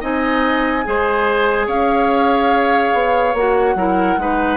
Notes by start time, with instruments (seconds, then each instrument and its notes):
0.00 bassoon C4, clarinet D#4, oboe D#5, flute G#5
0.84 bassoon G#3, clarinet G#4, oboe C5
1.66 bassoon C#4, oboe C#5, flute F5
2.93 bassoon B3
3.33 bassoon A#3, clarinet F#4, flute F#5
3.75 bassoon F#3, clarinet E4, oboe A#4
4.17 bassoon G#3, clarinet D#4, oboe B4